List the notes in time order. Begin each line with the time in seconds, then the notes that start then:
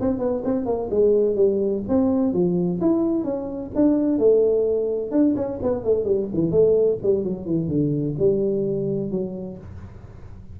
0.00 C4
0.19 B3
0.44 C4
0.65 A#3
0.90 G#3
1.36 G3
1.88 C4
2.33 F3
2.81 E4
3.24 C#4
3.75 D4
4.18 A3
5.11 D4
5.36 C#4
5.62 B3
5.84 A3
6.04 G3
6.33 E3
6.51 A3
7.02 G3
7.24 F#3
7.46 E3
7.68 D3
8.18 G3
9.11 F#3